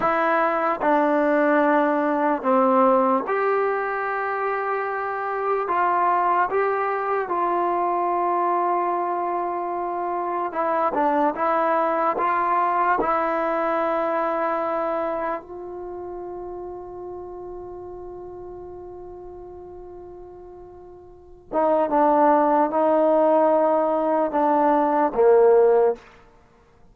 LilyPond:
\new Staff \with { instrumentName = "trombone" } { \time 4/4 \tempo 4 = 74 e'4 d'2 c'4 | g'2. f'4 | g'4 f'2.~ | f'4 e'8 d'8 e'4 f'4 |
e'2. f'4~ | f'1~ | f'2~ f'8 dis'8 d'4 | dis'2 d'4 ais4 | }